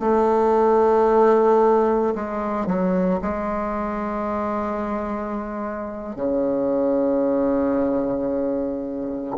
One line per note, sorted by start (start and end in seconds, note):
0.00 2.14 A3
2.15 2.66 G#3
2.66 3.20 F#3
3.22 6.16 G#3
6.16 9.37 C#3